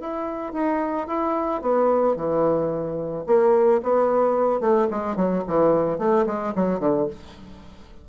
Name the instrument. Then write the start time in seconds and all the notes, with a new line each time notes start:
bassoon
0.00 E4
0.53 D#4
1.07 E4
1.61 B3
2.16 E3
3.27 A#3
3.83 B3
4.60 A3
4.90 G#3
5.16 F#3
5.47 E3
5.98 A3
6.27 G#3
6.55 F#3
6.80 D3